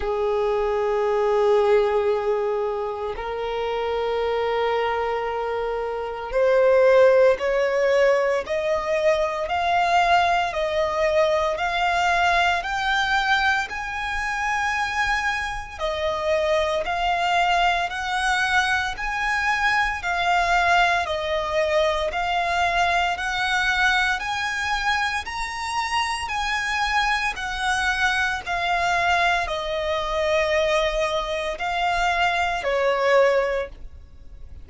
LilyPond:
\new Staff \with { instrumentName = "violin" } { \time 4/4 \tempo 4 = 57 gis'2. ais'4~ | ais'2 c''4 cis''4 | dis''4 f''4 dis''4 f''4 | g''4 gis''2 dis''4 |
f''4 fis''4 gis''4 f''4 | dis''4 f''4 fis''4 gis''4 | ais''4 gis''4 fis''4 f''4 | dis''2 f''4 cis''4 | }